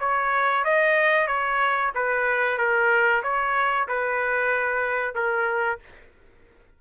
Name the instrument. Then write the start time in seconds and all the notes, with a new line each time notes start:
trumpet
0.00 C#5
0.65 D#5
1.27 C#5
1.95 B4
2.58 A#4
3.23 C#5
3.88 B4
5.15 A#4